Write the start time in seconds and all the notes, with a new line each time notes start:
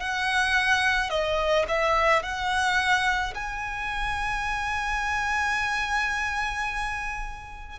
0.00 F#5
1.10 D#5
1.68 E5
2.23 F#5
3.34 G#5